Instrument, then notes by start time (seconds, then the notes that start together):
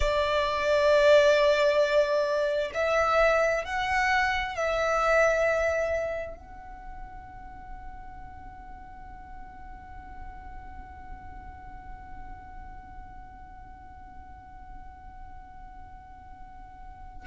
violin
0.00 D5
2.74 E5
3.64 F#5
4.55 E5
6.36 F#5